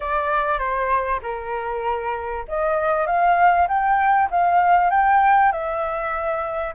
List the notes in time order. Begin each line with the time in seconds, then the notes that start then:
0.00 D5
0.58 C5
1.22 A#4
2.48 D#5
3.06 F5
3.68 G5
4.30 F5
4.90 G5
5.51 E5